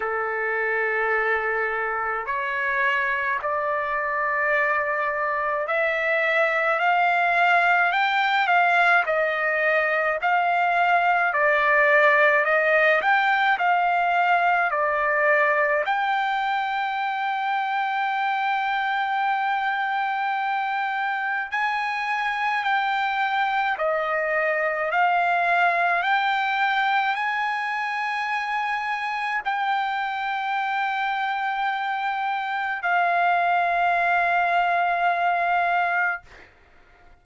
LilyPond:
\new Staff \with { instrumentName = "trumpet" } { \time 4/4 \tempo 4 = 53 a'2 cis''4 d''4~ | d''4 e''4 f''4 g''8 f''8 | dis''4 f''4 d''4 dis''8 g''8 | f''4 d''4 g''2~ |
g''2. gis''4 | g''4 dis''4 f''4 g''4 | gis''2 g''2~ | g''4 f''2. | }